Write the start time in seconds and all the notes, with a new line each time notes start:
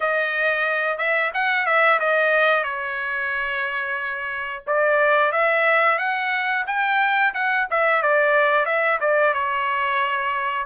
0.00 D#5
0.98 E5
1.33 F#5
1.65 E5
1.99 D#5
2.63 C#5
4.67 D5
5.32 E5
5.98 F#5
6.66 G5
7.33 F#5
7.70 E5
8.02 D5
8.65 E5
9.00 D5
9.33 C#5